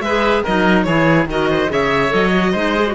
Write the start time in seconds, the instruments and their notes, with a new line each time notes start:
0.00 cello G#3, clarinet G#4, oboe B4, violin E5
0.43 cello F#3, clarinet D#4, oboe A#4, violin D#5
0.83 cello E3, clarinet E4, oboe G#4, violin C#5
1.26 cello D#3, clarinet F#4, oboe A#4, violin D#5
1.50 oboe C5
1.69 cello C#3, clarinet G#4, oboe C#5, violin E5
2.08 cello F#3, clarinet A4, violin D#5
2.34 clarinet F#4
2.52 cello G#3, clarinet D#4, oboe C5
2.76 clarinet G#4
2.87 clarinet F#4